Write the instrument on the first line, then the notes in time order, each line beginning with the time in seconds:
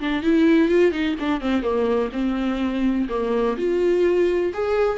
viola
0.00 D4
0.23 E4
0.68 F4
0.92 D#4
1.19 D4
1.41 C4
1.62 A#3
2.13 C4
3.09 A#3
3.57 F4
4.53 G#4